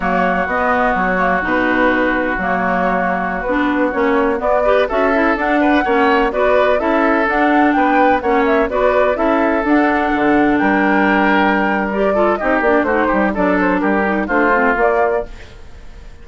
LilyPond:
<<
  \new Staff \with { instrumentName = "flute" } { \time 4/4 \tempo 4 = 126 cis''4 dis''4 cis''4 b'4~ | b'4 cis''2~ cis''16 b'8.~ | b'16 cis''4 d''4 e''4 fis''8.~ | fis''4~ fis''16 d''4 e''4 fis''8.~ |
fis''16 g''4 fis''8 e''8 d''4 e''8.~ | e''16 fis''2 g''4.~ g''16~ | g''4 d''4 dis''8 d''8 c''4 | d''8 c''8 ais'4 c''4 d''4 | }
  \new Staff \with { instrumentName = "oboe" } { \time 4/4 fis'1~ | fis'1~ | fis'4.~ fis'16 b'8 a'4. b'16~ | b'16 cis''4 b'4 a'4.~ a'16~ |
a'16 b'4 cis''4 b'4 a'8.~ | a'2~ a'16 ais'4.~ ais'16~ | ais'4. a'8 g'4 fis'8 g'8 | a'4 g'4 f'2 | }
  \new Staff \with { instrumentName = "clarinet" } { \time 4/4 ais4 b4. ais8 dis'4~ | dis'4 ais2~ ais16 d'8.~ | d'16 cis'4 b8 g'8 fis'8 e'8 d'8.~ | d'16 cis'4 fis'4 e'4 d'8.~ |
d'4~ d'16 cis'4 fis'4 e'8.~ | e'16 d'2.~ d'8.~ | d'4 g'8 f'8 dis'8 d'8 dis'4 | d'4. dis'8 d'8 c'8 ais4 | }
  \new Staff \with { instrumentName = "bassoon" } { \time 4/4 fis4 b4 fis4 b,4~ | b,4 fis2~ fis16 b8.~ | b16 ais4 b4 cis'4 d'8.~ | d'16 ais4 b4 cis'4 d'8.~ |
d'16 b4 ais4 b4 cis'8.~ | cis'16 d'4 d4 g4.~ g16~ | g2 c'8 ais8 a8 g8 | fis4 g4 a4 ais4 | }
>>